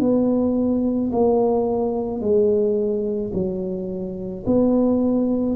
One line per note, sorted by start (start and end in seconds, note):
0.00 1.11 B3
1.13 2.21 A#3
2.21 3.32 G#3
3.33 4.44 F#3
4.46 5.56 B3